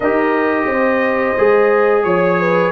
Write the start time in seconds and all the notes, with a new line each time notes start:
0.00 D#4 G4 A#4 D#5
0.66 C4 C5
1.37 G#3 G#4
2.03 F3 C#5
2.39 B4